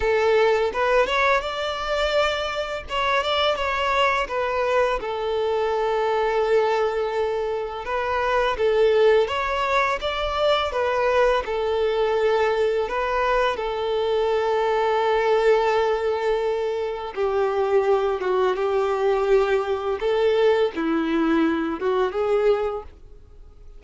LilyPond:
\new Staff \with { instrumentName = "violin" } { \time 4/4 \tempo 4 = 84 a'4 b'8 cis''8 d''2 | cis''8 d''8 cis''4 b'4 a'4~ | a'2. b'4 | a'4 cis''4 d''4 b'4 |
a'2 b'4 a'4~ | a'1 | g'4. fis'8 g'2 | a'4 e'4. fis'8 gis'4 | }